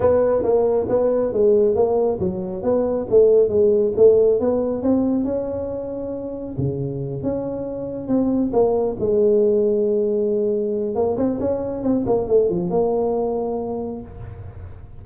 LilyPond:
\new Staff \with { instrumentName = "tuba" } { \time 4/4 \tempo 4 = 137 b4 ais4 b4 gis4 | ais4 fis4 b4 a4 | gis4 a4 b4 c'4 | cis'2. cis4~ |
cis8 cis'2 c'4 ais8~ | ais8 gis2.~ gis8~ | gis4 ais8 c'8 cis'4 c'8 ais8 | a8 f8 ais2. | }